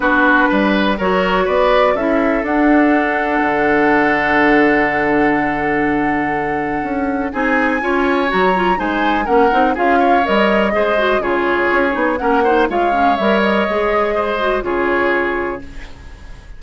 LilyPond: <<
  \new Staff \with { instrumentName = "flute" } { \time 4/4 \tempo 4 = 123 b'2 cis''4 d''4 | e''4 fis''2.~ | fis''1~ | fis''2. gis''4~ |
gis''4 ais''4 gis''4 fis''4 | f''4 dis''2 cis''4~ | cis''4 fis''4 f''4 e''8 dis''8~ | dis''2 cis''2 | }
  \new Staff \with { instrumentName = "oboe" } { \time 4/4 fis'4 b'4 ais'4 b'4 | a'1~ | a'1~ | a'2. gis'4 |
cis''2 c''4 ais'4 | gis'8 cis''4. c''4 gis'4~ | gis'4 ais'8 c''8 cis''2~ | cis''4 c''4 gis'2 | }
  \new Staff \with { instrumentName = "clarinet" } { \time 4/4 d'2 fis'2 | e'4 d'2.~ | d'1~ | d'2. dis'4 |
f'4 fis'8 f'8 dis'4 cis'8 dis'8 | f'4 ais'4 gis'8 fis'8 f'4~ | f'8 dis'8 cis'8 dis'8 f'8 cis'8 ais'4 | gis'4. fis'8 f'2 | }
  \new Staff \with { instrumentName = "bassoon" } { \time 4/4 b4 g4 fis4 b4 | cis'4 d'2 d4~ | d1~ | d2 cis'4 c'4 |
cis'4 fis4 gis4 ais8 c'8 | cis'4 g4 gis4 cis4 | cis'8 b8 ais4 gis4 g4 | gis2 cis2 | }
>>